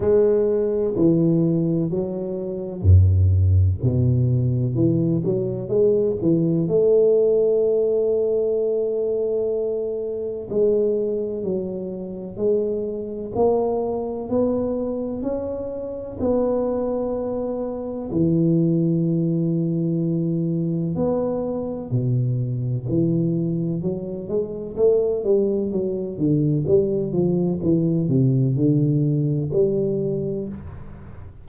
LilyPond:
\new Staff \with { instrumentName = "tuba" } { \time 4/4 \tempo 4 = 63 gis4 e4 fis4 fis,4 | b,4 e8 fis8 gis8 e8 a4~ | a2. gis4 | fis4 gis4 ais4 b4 |
cis'4 b2 e4~ | e2 b4 b,4 | e4 fis8 gis8 a8 g8 fis8 d8 | g8 f8 e8 c8 d4 g4 | }